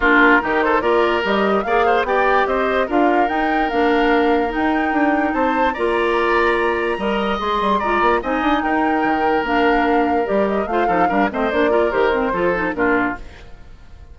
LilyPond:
<<
  \new Staff \with { instrumentName = "flute" } { \time 4/4 \tempo 4 = 146 ais'4. c''8 d''4 dis''4 | f''4 g''4 dis''4 f''4 | g''4 f''2 g''4~ | g''4 a''4 ais''2~ |
ais''2 c'''4 ais''4 | gis''4 g''2 f''4~ | f''4 d''8 dis''8 f''4. dis''8 | d''4 c''2 ais'4 | }
  \new Staff \with { instrumentName = "oboe" } { \time 4/4 f'4 g'8 a'8 ais'2 | d''8 c''8 d''4 c''4 ais'4~ | ais'1~ | ais'4 c''4 d''2~ |
d''4 dis''2 d''4 | dis''4 ais'2.~ | ais'2 c''8 a'8 ais'8 c''8~ | c''8 ais'4. a'4 f'4 | }
  \new Staff \with { instrumentName = "clarinet" } { \time 4/4 d'4 dis'4 f'4 g'4 | gis'4 g'2 f'4 | dis'4 d'2 dis'4~ | dis'2 f'2~ |
f'4 ais'4 gis'4 f'4 | dis'2. d'4~ | d'4 g'4 f'8 dis'8 d'8 c'8 | d'8 f'8 g'8 c'8 f'8 dis'8 d'4 | }
  \new Staff \with { instrumentName = "bassoon" } { \time 4/4 ais4 dis4 ais4 g4 | ais4 b4 c'4 d'4 | dis'4 ais2 dis'4 | d'4 c'4 ais2~ |
ais4 g4 gis8 g8 gis8 ais8 | c'8 d'8 dis'4 dis4 ais4~ | ais4 g4 a8 f8 g8 a8 | ais4 dis4 f4 ais,4 | }
>>